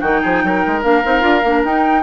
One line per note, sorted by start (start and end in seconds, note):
0.00 0.22 D#3
0.00 0.82 D#4
0.00 0.20 F#4
0.00 0.81 G5
0.22 0.43 F3
0.22 0.42 G#4
0.43 0.64 F#3
0.43 2.03 A#4
0.66 0.83 G#3
0.82 1.04 A#3
0.82 1.02 D4
0.82 1.63 F5
1.04 1.23 C4
1.04 1.20 D#4
1.20 1.43 D4
1.20 1.40 F4
1.44 1.64 A#3
1.44 1.66 D4
1.64 2.03 D#4
1.64 2.03 G5